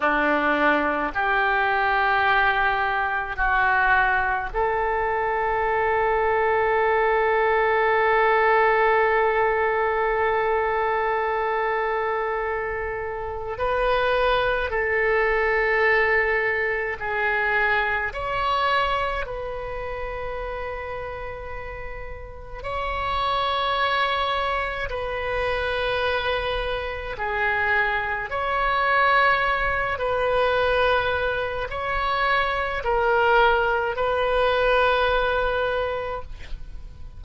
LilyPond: \new Staff \with { instrumentName = "oboe" } { \time 4/4 \tempo 4 = 53 d'4 g'2 fis'4 | a'1~ | a'1 | b'4 a'2 gis'4 |
cis''4 b'2. | cis''2 b'2 | gis'4 cis''4. b'4. | cis''4 ais'4 b'2 | }